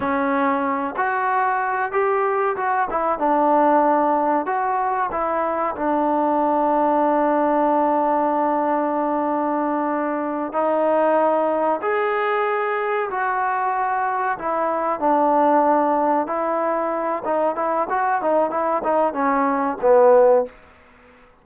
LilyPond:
\new Staff \with { instrumentName = "trombone" } { \time 4/4 \tempo 4 = 94 cis'4. fis'4. g'4 | fis'8 e'8 d'2 fis'4 | e'4 d'2.~ | d'1~ |
d'8 dis'2 gis'4.~ | gis'8 fis'2 e'4 d'8~ | d'4. e'4. dis'8 e'8 | fis'8 dis'8 e'8 dis'8 cis'4 b4 | }